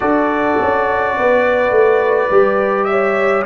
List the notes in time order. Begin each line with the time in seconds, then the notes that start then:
0.00 D4 F#4 A4 D5
0.61 C#4
1.17 B3 B4
1.70 A3
2.30 G3 G4
2.84 C#5 E5